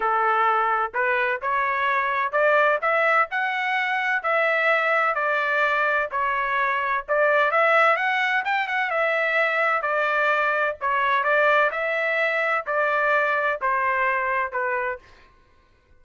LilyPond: \new Staff \with { instrumentName = "trumpet" } { \time 4/4 \tempo 4 = 128 a'2 b'4 cis''4~ | cis''4 d''4 e''4 fis''4~ | fis''4 e''2 d''4~ | d''4 cis''2 d''4 |
e''4 fis''4 g''8 fis''8 e''4~ | e''4 d''2 cis''4 | d''4 e''2 d''4~ | d''4 c''2 b'4 | }